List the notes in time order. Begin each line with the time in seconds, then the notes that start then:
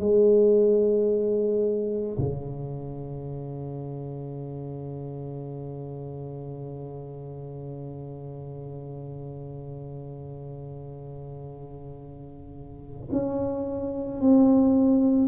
0.00 G#3
2.19 C#3
13.13 C#4
14.21 C4